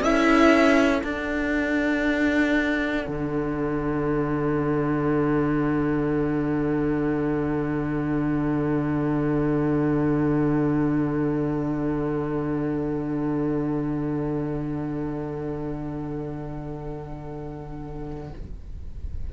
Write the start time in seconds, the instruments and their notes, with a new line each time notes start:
0.00 cello C#4, viola E4, violin A4 E5
1.03 cello D4, viola D4, violin F#5
3.07 cello D3